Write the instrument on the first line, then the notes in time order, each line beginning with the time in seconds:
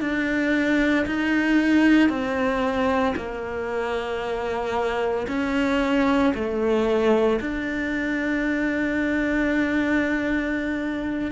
cello
0.00 D4
1.06 D#4
2.09 C4
3.16 A#3
5.27 C#4
6.34 A3
7.40 D4